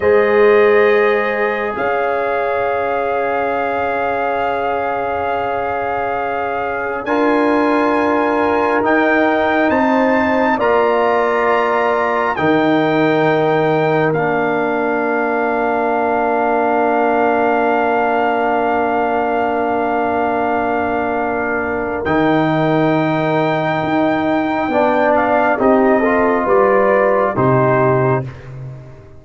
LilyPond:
<<
  \new Staff \with { instrumentName = "trumpet" } { \time 4/4 \tempo 4 = 68 dis''2 f''2~ | f''1 | gis''2 g''4 a''4 | ais''2 g''2 |
f''1~ | f''1~ | f''4 g''2.~ | g''8 f''8 dis''4 d''4 c''4 | }
  \new Staff \with { instrumentName = "horn" } { \time 4/4 c''2 cis''2~ | cis''1 | ais'2. c''4 | d''2 ais'2~ |
ais'1~ | ais'1~ | ais'1 | d''4 g'8 a'8 b'4 g'4 | }
  \new Staff \with { instrumentName = "trombone" } { \time 4/4 gis'1~ | gis'1 | f'2 dis'2 | f'2 dis'2 |
d'1~ | d'1~ | d'4 dis'2. | d'4 dis'8 f'4. dis'4 | }
  \new Staff \with { instrumentName = "tuba" } { \time 4/4 gis2 cis'2~ | cis'1 | d'2 dis'4 c'4 | ais2 dis2 |
ais1~ | ais1~ | ais4 dis2 dis'4 | b4 c'4 g4 c4 | }
>>